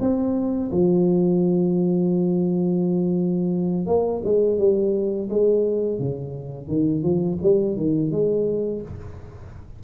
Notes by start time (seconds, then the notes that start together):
0.00 C4
0.71 F3
3.86 A#3
4.24 G#3
4.58 G3
5.29 G#3
5.99 C#3
6.68 D#3
7.03 F3
7.42 G3
7.76 D#3
8.11 G#3